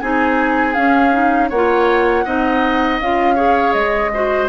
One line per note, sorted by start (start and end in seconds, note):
0.00 0.76 C4
0.00 0.75 D#4
0.00 1.49 G#4
0.00 0.74 G#5
0.74 1.12 C#4
0.74 1.50 C#4
0.74 1.49 F5
1.12 1.50 D#4
1.49 2.25 A#3
1.49 2.24 C#5
1.49 2.99 F#5
1.55 2.25 F4
2.25 3.00 C4
2.25 3.00 D#4
2.25 3.35 D#5
3.00 3.74 C#4
3.00 3.36 F4
3.00 3.73 F5
3.35 4.11 G#4
3.35 4.10 C#5
3.73 4.48 G#3
3.73 4.48 D#5
4.13 4.48 F#4
4.13 4.48 C5